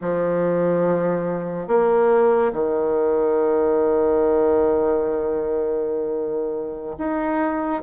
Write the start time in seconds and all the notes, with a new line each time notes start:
0.01 F3
1.67 A#3
2.52 D#3
6.98 D#4